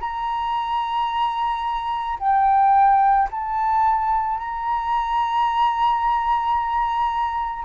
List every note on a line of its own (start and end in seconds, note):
0.00 2.18 A#5
2.19 3.28 G5
3.31 4.38 A5
4.38 7.65 A#5